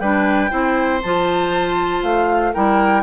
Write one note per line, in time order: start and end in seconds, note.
0.00 0.50 G3
0.00 0.50 D4
0.00 0.51 B4
0.00 1.01 G5
0.50 1.03 C4
0.50 1.00 E4
0.50 2.52 C5
1.02 2.03 F3
1.02 2.54 F4
1.02 2.03 A5
2.03 2.53 A3
2.03 2.53 F5
2.54 3.03 G3
2.54 3.03 E4
2.54 3.03 A#4
2.54 3.03 G5